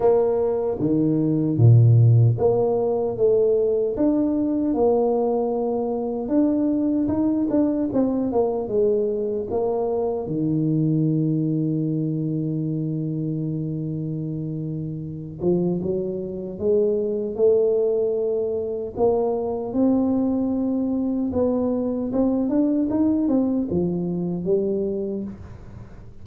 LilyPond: \new Staff \with { instrumentName = "tuba" } { \time 4/4 \tempo 4 = 76 ais4 dis4 ais,4 ais4 | a4 d'4 ais2 | d'4 dis'8 d'8 c'8 ais8 gis4 | ais4 dis2.~ |
dis2.~ dis8 f8 | fis4 gis4 a2 | ais4 c'2 b4 | c'8 d'8 dis'8 c'8 f4 g4 | }